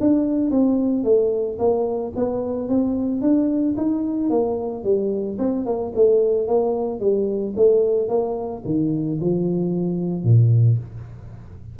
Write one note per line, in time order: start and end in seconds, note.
0.00 0.50 D4
0.50 1.04 C4
1.04 1.58 A3
1.59 2.13 A#3
2.16 2.69 B3
2.69 3.21 C4
3.21 3.75 D4
3.77 4.30 D#4
4.30 4.84 A#3
4.84 5.38 G3
5.39 5.65 C4
5.65 5.92 A#3
5.95 6.47 A3
6.47 7.00 A#3
7.00 7.54 G3
7.56 8.09 A3
8.09 8.63 A#3
8.65 9.19 D#3
9.21 10.24 F3
10.24 10.78 A#2